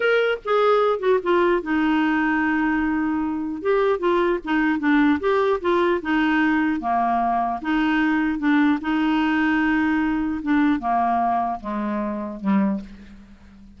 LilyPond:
\new Staff \with { instrumentName = "clarinet" } { \time 4/4 \tempo 4 = 150 ais'4 gis'4. fis'8 f'4 | dis'1~ | dis'4 g'4 f'4 dis'4 | d'4 g'4 f'4 dis'4~ |
dis'4 ais2 dis'4~ | dis'4 d'4 dis'2~ | dis'2 d'4 ais4~ | ais4 gis2 g4 | }